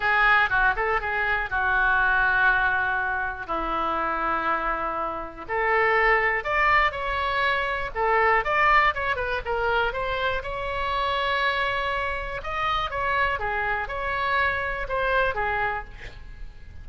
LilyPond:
\new Staff \with { instrumentName = "oboe" } { \time 4/4 \tempo 4 = 121 gis'4 fis'8 a'8 gis'4 fis'4~ | fis'2. e'4~ | e'2. a'4~ | a'4 d''4 cis''2 |
a'4 d''4 cis''8 b'8 ais'4 | c''4 cis''2.~ | cis''4 dis''4 cis''4 gis'4 | cis''2 c''4 gis'4 | }